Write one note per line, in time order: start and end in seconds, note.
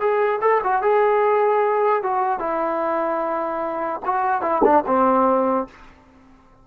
0.00 0.40 G#4
0.42 0.62 A4
0.64 0.82 F#4
0.82 2.03 G#4
2.03 2.40 F#4
2.40 4.01 E4
4.06 4.42 F#4
4.42 4.62 E4
4.64 4.84 D4
4.87 5.67 C4